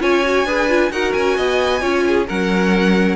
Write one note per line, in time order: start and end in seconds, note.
0.00 0.45 C#4
0.00 0.23 F4
0.00 0.47 C#5
0.00 0.92 G#5
0.23 0.45 F#4
0.45 0.90 D4
0.45 0.69 G#4
0.45 0.92 B4
0.69 0.91 F4
0.91 1.13 D#4
0.91 1.81 F#4
0.91 1.37 A#4
0.91 1.13 F#5
1.13 1.38 C#4
1.13 2.25 G#5
1.37 1.82 B3
1.37 1.81 D#5
1.81 2.27 C#4
1.81 2.26 F4
1.81 2.04 C#5
2.07 2.27 G#4
2.27 3.16 F#3
2.27 3.16 C#4
2.27 3.16 A#4
2.27 3.16 F#5